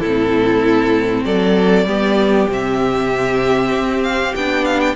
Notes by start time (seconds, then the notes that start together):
0.00 A2 C4 E4 A4
1.24 F#3 A4 D5
1.85 G3 B3 G4
2.49 C3 C4 E5
3.71 C4
4.03 F5
4.36 B3 D4 G5
4.65 F5
4.80 G5